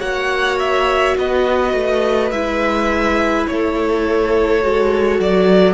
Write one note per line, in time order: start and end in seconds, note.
0.00 1.17 A#3
0.00 2.31 F#4
0.00 1.15 C#5
0.00 0.59 F#5
0.60 1.17 E5
1.18 1.74 B3
1.18 3.50 B4
1.18 2.31 D#5
1.74 2.31 A3
2.31 3.47 G#3
2.31 4.63 E4
2.31 3.47 E5
3.48 4.64 A3
3.48 5.74 A4
3.48 5.21 C#5
4.63 5.20 G#3
4.63 5.74 F#4
5.20 5.74 F#3
5.20 5.74 D5